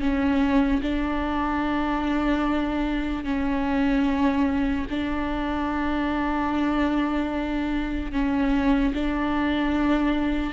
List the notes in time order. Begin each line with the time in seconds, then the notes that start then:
0.00 C#4
0.82 D4
3.24 C#4
4.90 D4
8.12 C#4
8.94 D4